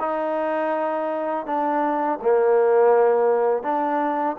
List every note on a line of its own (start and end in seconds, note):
0.00 1.46 D#4
1.46 2.20 D4
2.22 3.63 A#3
3.63 4.36 D4